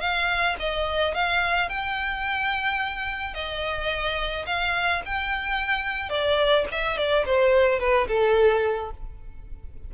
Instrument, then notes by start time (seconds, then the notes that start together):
violin
0.00 F5
0.59 D#5
1.14 F5
1.69 G5
3.34 D#5
4.46 F5
5.05 G5
6.09 D5
6.71 E5
6.97 D5
7.26 C5
7.79 B4
8.08 A4